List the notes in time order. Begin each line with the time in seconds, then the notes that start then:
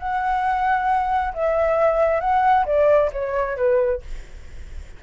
0.00 F#5
1.35 E5
2.21 F#5
2.66 D5
3.13 C#5
3.57 B4